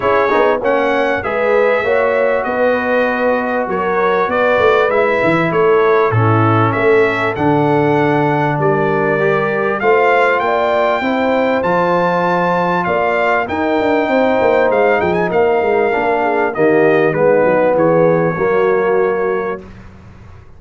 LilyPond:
<<
  \new Staff \with { instrumentName = "trumpet" } { \time 4/4 \tempo 4 = 98 cis''4 fis''4 e''2 | dis''2 cis''4 d''4 | e''4 cis''4 a'4 e''4 | fis''2 d''2 |
f''4 g''2 a''4~ | a''4 f''4 g''2 | f''8 g''16 gis''16 f''2 dis''4 | b'4 cis''2. | }
  \new Staff \with { instrumentName = "horn" } { \time 4/4 gis'4 cis''4 b'4 cis''4 | b'2 ais'4 b'4~ | b'4 a'4 e'4 a'4~ | a'2 ais'2 |
c''4 d''4 c''2~ | c''4 d''4 ais'4 c''4~ | c''8 gis'8 ais'4. gis'8 g'4 | dis'4 gis'4 fis'2 | }
  \new Staff \with { instrumentName = "trombone" } { \time 4/4 e'8 dis'8 cis'4 gis'4 fis'4~ | fis'1 | e'2 cis'2 | d'2. g'4 |
f'2 e'4 f'4~ | f'2 dis'2~ | dis'2 d'4 ais4 | b2 ais2 | }
  \new Staff \with { instrumentName = "tuba" } { \time 4/4 cis'8 b8 ais4 gis4 ais4 | b2 fis4 b8 a8 | gis8 e8 a4 a,4 a4 | d2 g2 |
a4 ais4 c'4 f4~ | f4 ais4 dis'8 d'8 c'8 ais8 | gis8 f8 ais8 gis8 ais4 dis4 | gis8 fis8 e4 fis2 | }
>>